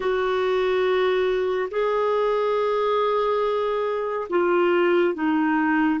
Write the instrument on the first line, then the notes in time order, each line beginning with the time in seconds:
clarinet
0.00 F#4
1.70 G#4
4.29 F4
5.14 D#4